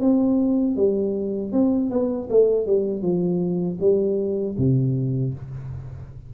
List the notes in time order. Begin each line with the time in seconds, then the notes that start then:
0.00 C4
0.76 G3
1.52 C4
1.90 B3
2.30 A3
2.66 G3
3.02 F3
3.80 G3
4.58 C3